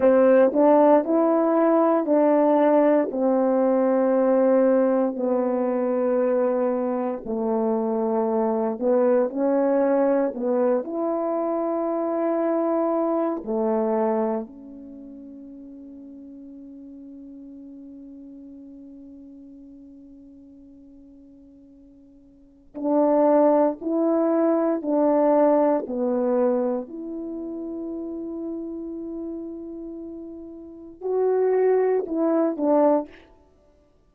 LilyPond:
\new Staff \with { instrumentName = "horn" } { \time 4/4 \tempo 4 = 58 c'8 d'8 e'4 d'4 c'4~ | c'4 b2 a4~ | a8 b8 cis'4 b8 e'4.~ | e'4 a4 cis'2~ |
cis'1~ | cis'2 d'4 e'4 | d'4 b4 e'2~ | e'2 fis'4 e'8 d'8 | }